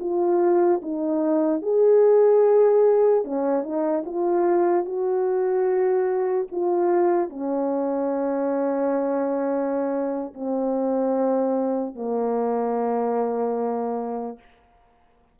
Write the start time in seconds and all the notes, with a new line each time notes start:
0.00 F4
0.82 D#4
1.62 G#4
3.24 C#4
3.63 D#4
4.05 F4
4.85 F#4
6.51 F4
7.29 C#4
10.34 C4
11.95 A#3